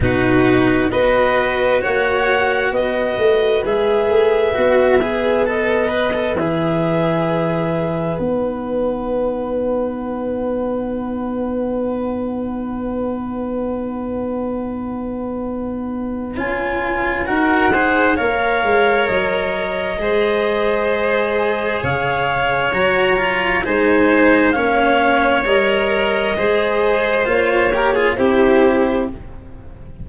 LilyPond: <<
  \new Staff \with { instrumentName = "clarinet" } { \time 4/4 \tempo 4 = 66 b'4 dis''4 fis''4 dis''4 | e''2 dis''4 e''4~ | e''4 fis''2.~ | fis''1~ |
fis''2 gis''4 fis''4 | f''4 dis''2. | f''4 ais''4 gis''4 f''4 | dis''2 cis''4 c''4 | }
  \new Staff \with { instrumentName = "violin" } { \time 4/4 fis'4 b'4 cis''4 b'4~ | b'1~ | b'1~ | b'1~ |
b'2. ais'8 c''8 | cis''2 c''2 | cis''2 c''4 cis''4~ | cis''4 c''4. ais'16 gis'16 g'4 | }
  \new Staff \with { instrumentName = "cello" } { \time 4/4 dis'4 fis'2. | gis'4 fis'8 gis'8 a'8 b'16 a'16 gis'4~ | gis'4 dis'2.~ | dis'1~ |
dis'2 f'4 fis'8 gis'8 | ais'2 gis'2~ | gis'4 fis'8 f'8 dis'4 cis'4 | ais'4 gis'4 f'8 g'16 f'16 e'4 | }
  \new Staff \with { instrumentName = "tuba" } { \time 4/4 b,4 b4 ais4 b8 a8 | gis8 a8 b2 e4~ | e4 b2.~ | b1~ |
b2 cis'4 dis'4 | ais8 gis8 fis4 gis2 | cis4 fis4 gis4 ais4 | g4 gis4 ais4 c'4 | }
>>